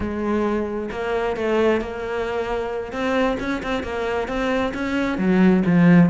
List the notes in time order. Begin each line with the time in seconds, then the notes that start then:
0.00 G#3
0.91 A#3
1.36 A3
1.80 A#3
2.92 C4
3.39 C#4
3.63 C4
3.83 A#3
4.28 C4
4.74 C#4
5.18 F#3
5.65 F3